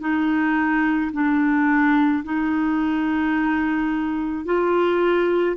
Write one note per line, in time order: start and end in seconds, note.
0.00 1.11 D#4
1.13 2.24 D4
2.24 4.45 D#4
4.45 5.57 F4